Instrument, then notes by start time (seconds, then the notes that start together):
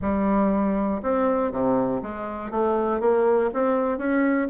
bassoon
0.01 G3
1.02 C4
1.51 C3
2.02 G#3
2.50 A3
3.00 A#3
3.53 C4
3.98 C#4